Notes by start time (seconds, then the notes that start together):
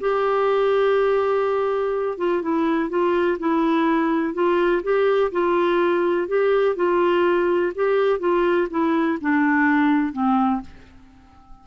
0.00 G4
2.18 F4
2.42 E4
2.89 F4
3.39 E4
4.34 F4
4.83 G4
5.32 F4
6.27 G4
6.76 F4
7.75 G4
8.19 F4
8.70 E4
9.21 D4
10.13 C4